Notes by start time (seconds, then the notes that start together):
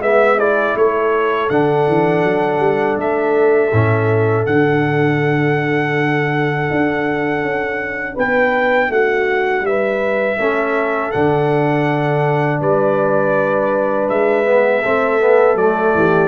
0.00 G#3 B3 E5
0.39 E4 G#4 D5
0.75 A3 A4 C#5
1.50 D3 D4 F#5
1.87 E3
2.24 F#3
2.59 G3
2.97 A3 E5
3.72 A2 C#4
4.46 D3 D4 F#5
6.71 D4
7.42 C#4
8.15 B3 B4 G5
8.89 A3 F#4 F#5
9.61 G3 E5
9.68 B4
10.39 A3 C#4 A4
11.12 D3 D4 F#5
12.60 G3 B4 D5
14.09 G#3 E5
14.46 B3
14.81 A3 C4 A4
15.21 B3
15.55 F#3 A3 D5
15.95 E3 G4